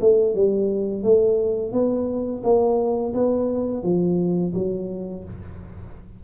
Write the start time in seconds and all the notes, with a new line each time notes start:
0.00 A3
0.34 G3
1.03 A3
1.72 B3
2.43 A#3
3.14 B3
3.83 F3
4.54 F#3